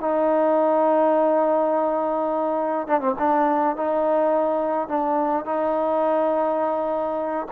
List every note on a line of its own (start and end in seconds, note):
0.00 2.87 D#4
2.87 3.01 D4
3.01 3.15 C4
3.18 3.76 D4
3.76 4.88 D#4
4.88 5.45 D4
5.45 7.47 D#4